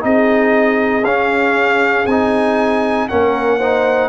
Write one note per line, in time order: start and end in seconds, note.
0.00 1.03 C4
0.00 1.02 D#4
0.00 3.09 G#4
0.00 1.04 D#5
1.03 2.05 C#4
1.03 2.08 C#4
1.03 2.06 F5
2.06 3.07 C4
2.06 3.09 D#4
2.06 3.07 G#5
3.08 4.08 A#3
3.08 3.60 C#4
3.08 3.58 A#4
3.08 4.08 F#5
3.58 4.08 D#4
3.58 4.08 C5